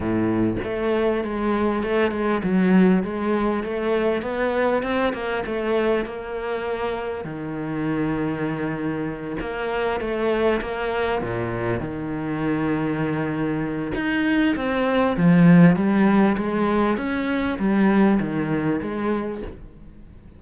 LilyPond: \new Staff \with { instrumentName = "cello" } { \time 4/4 \tempo 4 = 99 a,4 a4 gis4 a8 gis8 | fis4 gis4 a4 b4 | c'8 ais8 a4 ais2 | dis2.~ dis8 ais8~ |
ais8 a4 ais4 ais,4 dis8~ | dis2. dis'4 | c'4 f4 g4 gis4 | cis'4 g4 dis4 gis4 | }